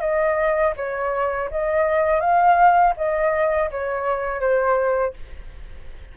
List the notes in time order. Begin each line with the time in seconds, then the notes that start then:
0.00 D#5
0.76 C#5
1.50 D#5
2.20 F5
2.96 D#5
3.71 C#5
4.40 C5